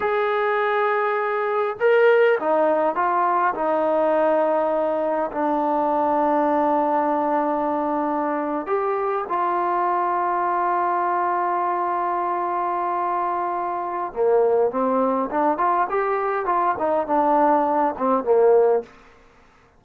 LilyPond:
\new Staff \with { instrumentName = "trombone" } { \time 4/4 \tempo 4 = 102 gis'2. ais'4 | dis'4 f'4 dis'2~ | dis'4 d'2.~ | d'2~ d'8. g'4 f'16~ |
f'1~ | f'1 | ais4 c'4 d'8 f'8 g'4 | f'8 dis'8 d'4. c'8 ais4 | }